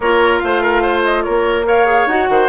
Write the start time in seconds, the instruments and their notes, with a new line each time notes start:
0.00 bassoon A#3, clarinet F4, oboe A#4, flute C#5
0.38 bassoon A3, oboe C5, flute F5
0.61 oboe A#4
0.82 oboe C5
1.04 flute D#5
1.23 bassoon A#3, oboe A#4, flute C#5
1.65 clarinet A#4, oboe C#5, flute F5
1.86 clarinet G#4
2.06 bassoon D#4, clarinet F#4, flute F#5
2.29 bassoon D#3, oboe C5